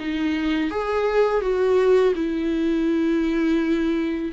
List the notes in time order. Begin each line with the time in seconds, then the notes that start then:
0.00 D#4
0.71 G#4
1.41 F#4
2.16 E4